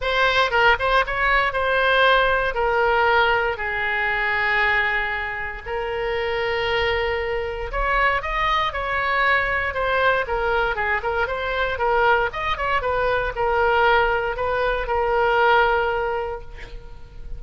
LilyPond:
\new Staff \with { instrumentName = "oboe" } { \time 4/4 \tempo 4 = 117 c''4 ais'8 c''8 cis''4 c''4~ | c''4 ais'2 gis'4~ | gis'2. ais'4~ | ais'2. cis''4 |
dis''4 cis''2 c''4 | ais'4 gis'8 ais'8 c''4 ais'4 | dis''8 cis''8 b'4 ais'2 | b'4 ais'2. | }